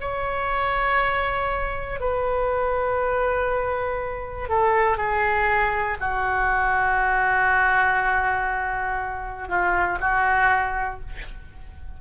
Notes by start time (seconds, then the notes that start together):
0.00 C#5
2.00 B4
4.48 A4
4.97 G#4
6.00 F#4
9.48 F4
10.00 F#4